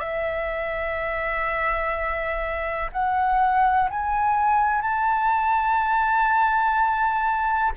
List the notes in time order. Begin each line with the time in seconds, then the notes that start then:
0.00 E5
2.93 F#5
3.91 G#5
4.82 A5